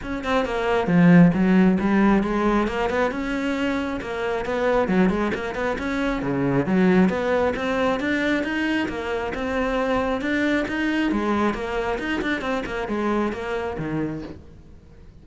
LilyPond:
\new Staff \with { instrumentName = "cello" } { \time 4/4 \tempo 4 = 135 cis'8 c'8 ais4 f4 fis4 | g4 gis4 ais8 b8 cis'4~ | cis'4 ais4 b4 fis8 gis8 | ais8 b8 cis'4 cis4 fis4 |
b4 c'4 d'4 dis'4 | ais4 c'2 d'4 | dis'4 gis4 ais4 dis'8 d'8 | c'8 ais8 gis4 ais4 dis4 | }